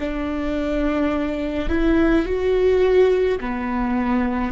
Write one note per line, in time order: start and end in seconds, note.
0.00 1.69 D4
1.69 2.25 E4
2.25 3.39 F#4
3.40 4.52 B3